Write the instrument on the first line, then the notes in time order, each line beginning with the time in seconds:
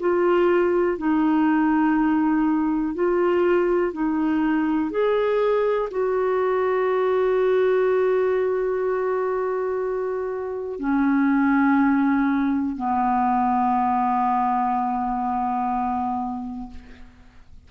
clarinet
0.00 F4
0.98 D#4
2.95 F4
3.93 D#4
4.91 G#4
5.91 F#4
10.80 C#4
12.76 B3